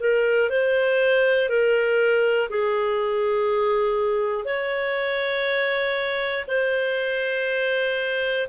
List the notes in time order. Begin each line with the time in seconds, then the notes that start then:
0.00 A#4
0.50 C5
1.49 A#4
2.50 G#4
4.45 C#5
6.48 C5